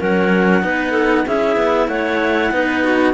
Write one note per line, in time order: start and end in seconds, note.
0.00 0.64 F#3
0.00 0.62 C#4
0.00 0.63 A#4
0.00 1.27 F#5
0.62 1.26 B3
0.62 1.25 D#4
0.62 0.91 B4
0.91 1.23 A4
1.25 1.57 C#4
1.25 2.53 E4
1.25 1.88 G#4
1.25 1.88 E5
1.57 1.88 B3
1.88 2.51 A3
1.88 2.52 C#5
1.88 3.14 F#5
2.52 3.14 B3
2.52 3.14 D#4
2.52 2.84 B4
2.84 3.14 F#4